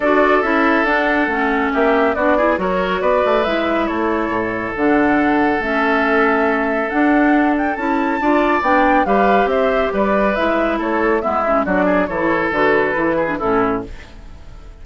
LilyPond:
<<
  \new Staff \with { instrumentName = "flute" } { \time 4/4 \tempo 4 = 139 d''4 e''4 fis''2 | e''4 d''4 cis''4 d''4 | e''4 cis''2 fis''4~ | fis''4 e''2. |
fis''4. g''8 a''2 | g''4 f''4 e''4 d''4 | e''4 cis''4 e''4 d''4 | cis''4 b'2 a'4 | }
  \new Staff \with { instrumentName = "oboe" } { \time 4/4 a'1 | g'4 fis'8 gis'8 ais'4 b'4~ | b'4 a'2.~ | a'1~ |
a'2. d''4~ | d''4 b'4 c''4 b'4~ | b'4 a'4 e'4 fis'8 gis'8 | a'2~ a'8 gis'8 e'4 | }
  \new Staff \with { instrumentName = "clarinet" } { \time 4/4 fis'4 e'4 d'4 cis'4~ | cis'4 d'8 e'8 fis'2 | e'2. d'4~ | d'4 cis'2. |
d'2 e'4 f'4 | d'4 g'2. | e'2 b8 cis'8 d'4 | e'4 fis'4 e'8. d'16 cis'4 | }
  \new Staff \with { instrumentName = "bassoon" } { \time 4/4 d'4 cis'4 d'4 a4 | ais4 b4 fis4 b8 a8 | gis4 a4 a,4 d4~ | d4 a2. |
d'2 cis'4 d'4 | b4 g4 c'4 g4 | gis4 a4 gis4 fis4 | e4 d4 e4 a,4 | }
>>